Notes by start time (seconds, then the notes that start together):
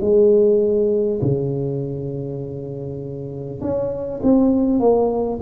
0.00 G#3
1.21 C#3
3.61 C#4
4.23 C4
4.79 A#3